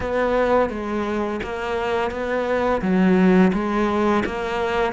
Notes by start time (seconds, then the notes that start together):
0.00 B3
0.69 G#3
1.43 A#3
2.10 B3
2.81 F#3
3.53 G#3
4.25 A#3